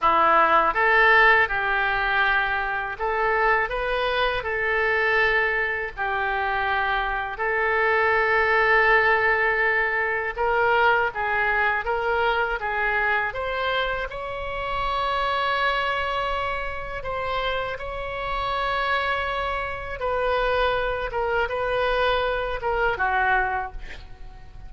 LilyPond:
\new Staff \with { instrumentName = "oboe" } { \time 4/4 \tempo 4 = 81 e'4 a'4 g'2 | a'4 b'4 a'2 | g'2 a'2~ | a'2 ais'4 gis'4 |
ais'4 gis'4 c''4 cis''4~ | cis''2. c''4 | cis''2. b'4~ | b'8 ais'8 b'4. ais'8 fis'4 | }